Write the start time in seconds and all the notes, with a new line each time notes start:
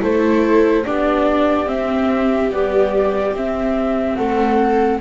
0.00 A3 E4 A4 C5
0.85 B3 D4 G4 D5
1.65 C4 E5
2.51 G3 B3 D5
3.32 C4 E5
4.15 A3 A4 F#5